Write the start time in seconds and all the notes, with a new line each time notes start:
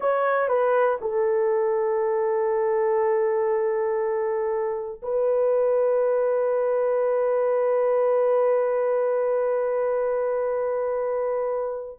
0.00 C#5
0.48 B4
1.01 A4
5.02 B4